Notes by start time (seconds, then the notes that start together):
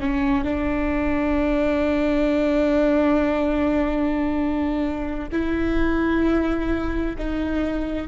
0.00 C#4
0.44 D4
5.32 E4
7.17 D#4